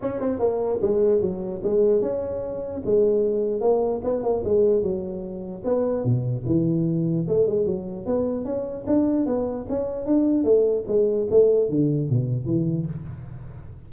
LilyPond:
\new Staff \with { instrumentName = "tuba" } { \time 4/4 \tempo 4 = 149 cis'8 c'8 ais4 gis4 fis4 | gis4 cis'2 gis4~ | gis4 ais4 b8 ais8 gis4 | fis2 b4 b,4 |
e2 a8 gis8 fis4 | b4 cis'4 d'4 b4 | cis'4 d'4 a4 gis4 | a4 d4 b,4 e4 | }